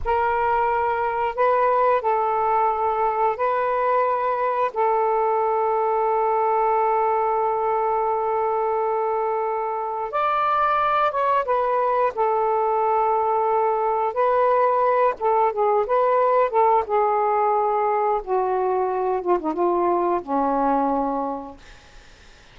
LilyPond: \new Staff \with { instrumentName = "saxophone" } { \time 4/4 \tempo 4 = 89 ais'2 b'4 a'4~ | a'4 b'2 a'4~ | a'1~ | a'2. d''4~ |
d''8 cis''8 b'4 a'2~ | a'4 b'4. a'8 gis'8 b'8~ | b'8 a'8 gis'2 fis'4~ | fis'8 f'16 dis'16 f'4 cis'2 | }